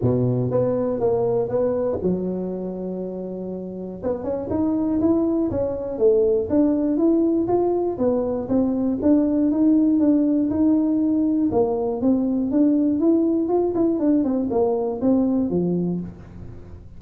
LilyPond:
\new Staff \with { instrumentName = "tuba" } { \time 4/4 \tempo 4 = 120 b,4 b4 ais4 b4 | fis1 | b8 cis'8 dis'4 e'4 cis'4 | a4 d'4 e'4 f'4 |
b4 c'4 d'4 dis'4 | d'4 dis'2 ais4 | c'4 d'4 e'4 f'8 e'8 | d'8 c'8 ais4 c'4 f4 | }